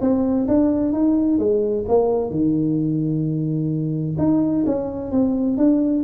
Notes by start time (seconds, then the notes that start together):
0.00 C4
0.47 D4
0.92 D#4
1.38 G#3
1.88 A#3
2.30 D#3
4.18 D#4
4.66 C#4
5.11 C4
5.57 D4